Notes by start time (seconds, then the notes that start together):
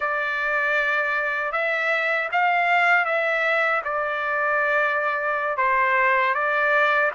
0.00 D5
1.52 E5
2.31 F5
3.05 E5
3.84 D5
5.57 C5
6.34 D5